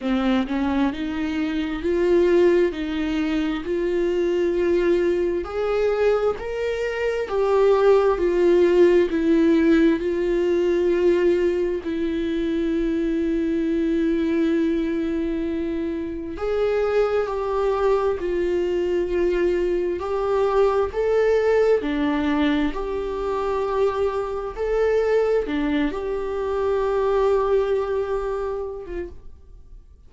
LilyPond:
\new Staff \with { instrumentName = "viola" } { \time 4/4 \tempo 4 = 66 c'8 cis'8 dis'4 f'4 dis'4 | f'2 gis'4 ais'4 | g'4 f'4 e'4 f'4~ | f'4 e'2.~ |
e'2 gis'4 g'4 | f'2 g'4 a'4 | d'4 g'2 a'4 | d'8 g'2.~ g'16 f'16 | }